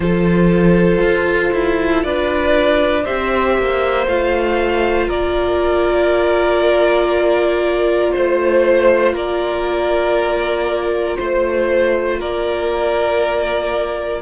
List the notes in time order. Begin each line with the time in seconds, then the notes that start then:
0.00 F3 F4 A4 C5
1.01 F4
1.53 E4
2.03 D4 B4 D5
3.04 C4 G4 C5 E5
3.58 A#3
4.07 A3 F4 F5
5.07 A#3 A#4 D5
8.12 A3 C5
9.13 A#3 A#4 D5
11.16 A3 C5
12.19 A#3 A#4 D5